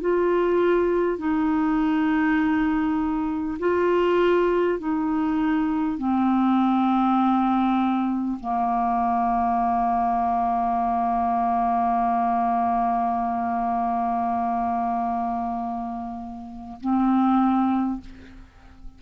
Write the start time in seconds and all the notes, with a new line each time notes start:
0.00 F4
1.18 D#4
3.59 F4
4.78 D#4
5.97 C4
8.40 A#3
16.80 C4